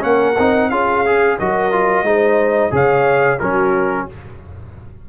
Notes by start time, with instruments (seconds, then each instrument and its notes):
0.00 tuba A#3, trombone C#4, horn A#4, trumpet F#5
0.39 tuba C4, trombone D#4
0.70 tuba C#4, trombone F4, horn G#4, trumpet F5
1.05 trombone G#4
1.38 tuba F#3, trombone F#4, horn A#4, trumpet D#5
1.72 trombone F4
2.03 tuba G#3, trombone D#4, horn C5
2.71 tuba C#3, trombone G#4, horn C#5, trumpet F5
3.39 tuba F#3, trombone C#4, horn F#4, trumpet A#4